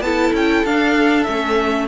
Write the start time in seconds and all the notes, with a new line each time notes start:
0.00 B3 E4 A4 A5
0.33 C#4 G5
0.64 D4 F5
1.23 A3 C#4 E5